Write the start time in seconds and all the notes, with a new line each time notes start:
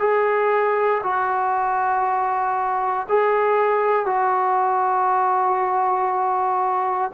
0.00 G#4
1.04 F#4
3.09 G#4
4.06 F#4